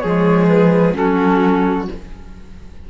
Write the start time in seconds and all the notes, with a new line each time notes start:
0.00 F3 G#3 G#4 C#5
0.48 B4
0.94 F#3 C#4 F#4 A4